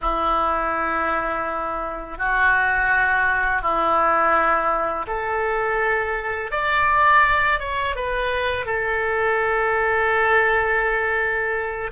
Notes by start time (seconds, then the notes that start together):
0.01 E4
2.18 F#4
3.61 E4
5.07 A4
6.51 D5
7.59 C#5
7.95 B4
8.65 A4